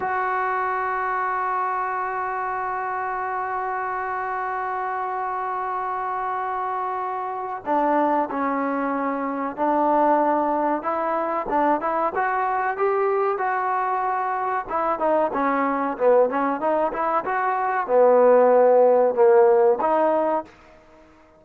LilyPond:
\new Staff \with { instrumentName = "trombone" } { \time 4/4 \tempo 4 = 94 fis'1~ | fis'1~ | fis'1 | d'4 cis'2 d'4~ |
d'4 e'4 d'8 e'8 fis'4 | g'4 fis'2 e'8 dis'8 | cis'4 b8 cis'8 dis'8 e'8 fis'4 | b2 ais4 dis'4 | }